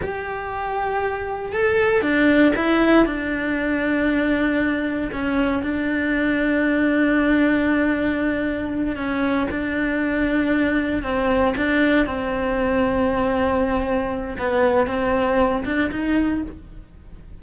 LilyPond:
\new Staff \with { instrumentName = "cello" } { \time 4/4 \tempo 4 = 117 g'2. a'4 | d'4 e'4 d'2~ | d'2 cis'4 d'4~ | d'1~ |
d'4. cis'4 d'4.~ | d'4. c'4 d'4 c'8~ | c'1 | b4 c'4. d'8 dis'4 | }